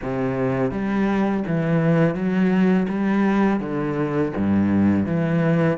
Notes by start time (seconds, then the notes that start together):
0.02 C3
0.71 G3
1.47 E3
2.14 F#3
2.88 G3
3.59 D3
4.37 G2
5.06 E3